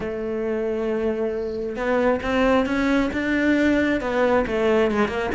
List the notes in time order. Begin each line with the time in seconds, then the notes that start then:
0.00 A3
1.76 B3
2.22 C4
2.66 C#4
3.12 D4
4.00 B3
4.46 A3
4.91 G#3
5.07 A#3